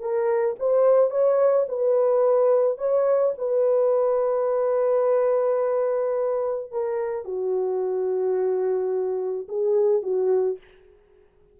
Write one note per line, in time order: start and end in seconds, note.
0.00 0.56 A#4
0.59 1.10 C5
1.10 1.66 C#5
1.68 2.78 B4
2.78 3.33 C#5
3.38 6.71 B4
6.71 7.25 A#4
7.25 9.47 F#4
9.48 10.02 G#4
10.02 10.58 F#4